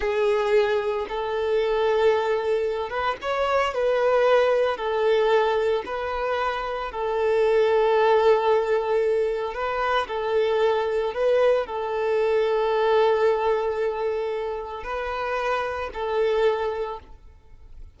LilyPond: \new Staff \with { instrumentName = "violin" } { \time 4/4 \tempo 4 = 113 gis'2 a'2~ | a'4. b'8 cis''4 b'4~ | b'4 a'2 b'4~ | b'4 a'2.~ |
a'2 b'4 a'4~ | a'4 b'4 a'2~ | a'1 | b'2 a'2 | }